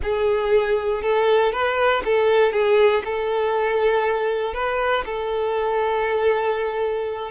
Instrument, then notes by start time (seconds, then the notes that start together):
violin
0.02 G#4
1.02 A4
1.52 B4
2.04 A4
2.52 G#4
3.04 A4
4.54 B4
5.05 A4